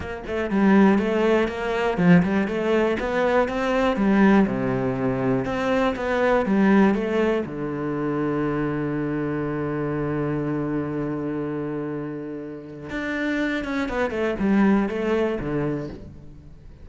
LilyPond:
\new Staff \with { instrumentName = "cello" } { \time 4/4 \tempo 4 = 121 ais8 a8 g4 a4 ais4 | f8 g8 a4 b4 c'4 | g4 c2 c'4 | b4 g4 a4 d4~ |
d1~ | d1~ | d2 d'4. cis'8 | b8 a8 g4 a4 d4 | }